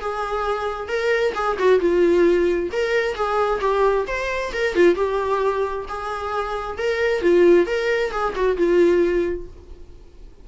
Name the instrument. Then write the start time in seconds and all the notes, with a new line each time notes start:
viola
0.00 G#4
0.88 A#4
1.34 G#4
1.59 F#4
1.79 F4
2.72 A#4
3.14 G#4
3.60 G4
4.07 C5
4.52 A#4
4.75 F4
4.95 G4
5.88 G#4
6.78 A#4
7.21 F4
7.66 A#4
8.11 G#4
8.35 F#4
8.57 F4